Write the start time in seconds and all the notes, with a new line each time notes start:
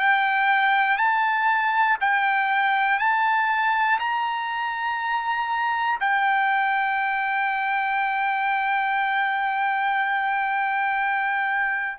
0.00 G5
0.97 A5
2.00 G5
3.00 A5
4.00 A#5
6.00 G5